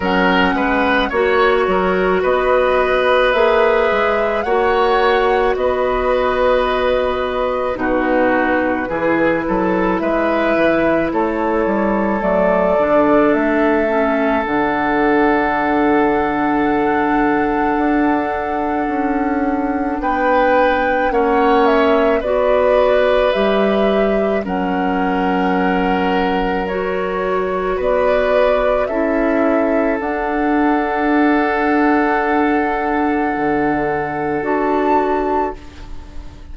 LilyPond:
<<
  \new Staff \with { instrumentName = "flute" } { \time 4/4 \tempo 4 = 54 fis''4 cis''4 dis''4 e''4 | fis''4 dis''2 b'4~ | b'4 e''4 cis''4 d''4 | e''4 fis''2.~ |
fis''2 g''4 fis''8 e''8 | d''4 e''4 fis''2 | cis''4 d''4 e''4 fis''4~ | fis''2. a''4 | }
  \new Staff \with { instrumentName = "oboe" } { \time 4/4 ais'8 b'8 cis''8 ais'8 b'2 | cis''4 b'2 fis'4 | gis'8 a'8 b'4 a'2~ | a'1~ |
a'2 b'4 cis''4 | b'2 ais'2~ | ais'4 b'4 a'2~ | a'1 | }
  \new Staff \with { instrumentName = "clarinet" } { \time 4/4 cis'4 fis'2 gis'4 | fis'2. dis'4 | e'2. a8 d'8~ | d'8 cis'8 d'2.~ |
d'2. cis'4 | fis'4 g'4 cis'2 | fis'2 e'4 d'4~ | d'2. fis'4 | }
  \new Staff \with { instrumentName = "bassoon" } { \time 4/4 fis8 gis8 ais8 fis8 b4 ais8 gis8 | ais4 b2 b,4 | e8 fis8 gis8 e8 a8 g8 fis8 d8 | a4 d2. |
d'4 cis'4 b4 ais4 | b4 g4 fis2~ | fis4 b4 cis'4 d'4~ | d'2 d4 d'4 | }
>>